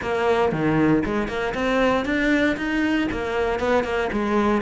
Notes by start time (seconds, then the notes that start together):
0.01 A#3
0.52 D#3
1.05 G#3
1.28 A#3
1.54 C4
2.05 D4
2.56 D#4
3.11 A#3
3.59 B3
3.83 A#3
4.12 G#3